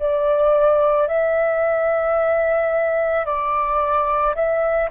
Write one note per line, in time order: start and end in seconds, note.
0.00 1.08 D5
1.08 3.26 E5
3.26 4.35 D5
4.36 4.90 E5